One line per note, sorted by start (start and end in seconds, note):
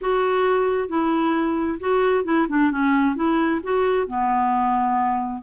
0.01 0.88 F#4
0.88 1.78 E4
1.80 2.24 F#4
2.24 2.47 E4
2.49 2.71 D4
2.71 3.15 C#4
3.15 3.60 E4
3.63 4.07 F#4
4.07 5.42 B3